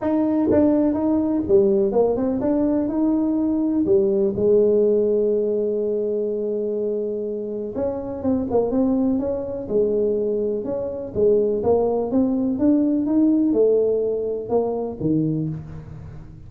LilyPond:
\new Staff \with { instrumentName = "tuba" } { \time 4/4 \tempo 4 = 124 dis'4 d'4 dis'4 g4 | ais8 c'8 d'4 dis'2 | g4 gis2.~ | gis1 |
cis'4 c'8 ais8 c'4 cis'4 | gis2 cis'4 gis4 | ais4 c'4 d'4 dis'4 | a2 ais4 dis4 | }